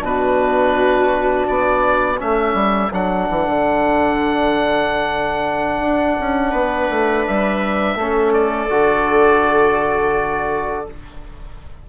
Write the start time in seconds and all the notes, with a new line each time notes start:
0.00 B2 D4 F#4 B4
1.47 B3 D5
2.19 A3 C#4 A4 E5
2.54 G3
2.92 F#3 D4 F#5
3.30 E3
3.47 D3
5.81 D4
6.20 C#4
6.51 B3 B4
6.90 A3
7.27 G3 E5
7.95 A3 C#4 A4
8.33 D5
8.70 D3 F#4